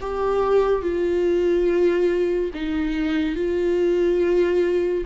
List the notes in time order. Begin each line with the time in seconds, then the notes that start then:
0.00 G4
0.82 F4
2.54 D#4
3.35 F4